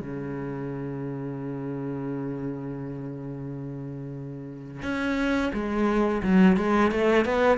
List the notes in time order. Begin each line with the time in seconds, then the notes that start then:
0.00 C#3
4.82 C#4
5.53 G#3
6.23 F#3
6.57 G#3
6.91 A3
7.25 B3